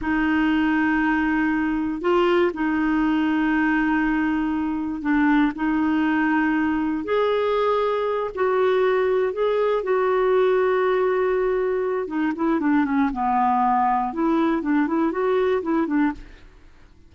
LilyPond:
\new Staff \with { instrumentName = "clarinet" } { \time 4/4 \tempo 4 = 119 dis'1 | f'4 dis'2.~ | dis'2 d'4 dis'4~ | dis'2 gis'2~ |
gis'8 fis'2 gis'4 fis'8~ | fis'1 | dis'8 e'8 d'8 cis'8 b2 | e'4 d'8 e'8 fis'4 e'8 d'8 | }